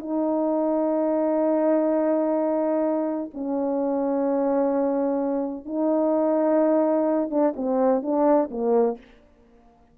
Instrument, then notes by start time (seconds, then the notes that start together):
horn
0.00 D#4
3.34 C#4
5.66 D#4
7.31 D4
7.57 C4
8.03 D4
8.51 A#3